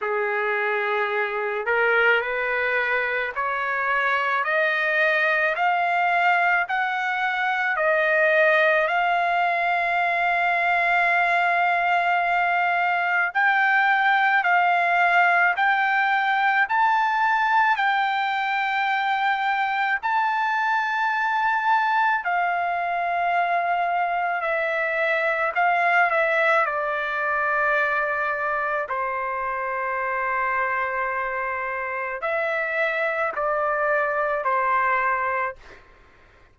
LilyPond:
\new Staff \with { instrumentName = "trumpet" } { \time 4/4 \tempo 4 = 54 gis'4. ais'8 b'4 cis''4 | dis''4 f''4 fis''4 dis''4 | f''1 | g''4 f''4 g''4 a''4 |
g''2 a''2 | f''2 e''4 f''8 e''8 | d''2 c''2~ | c''4 e''4 d''4 c''4 | }